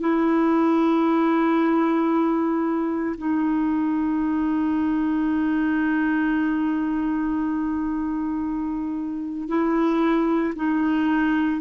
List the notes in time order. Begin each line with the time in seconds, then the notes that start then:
0.00 E4
3.18 D#4
9.48 E4
10.56 D#4